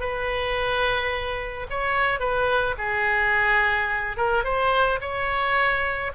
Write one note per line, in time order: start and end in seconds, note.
0.00 1.67 B4
1.70 2.19 C#5
2.19 2.75 B4
2.78 4.17 G#4
4.17 4.44 A#4
4.44 4.99 C5
5.01 6.12 C#5